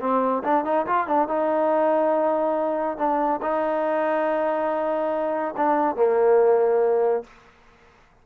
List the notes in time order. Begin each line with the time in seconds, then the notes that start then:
0.00 C4
0.43 D4
0.64 D#4
0.86 F4
1.07 D4
1.28 D#4
2.98 D4
3.42 D#4
5.57 D4
5.96 A#3